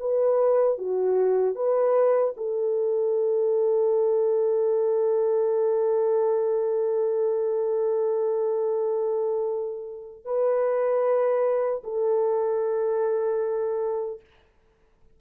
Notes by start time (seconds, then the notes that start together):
0.00 B4
0.78 F#4
1.55 B4
2.37 A4
10.25 B4
11.84 A4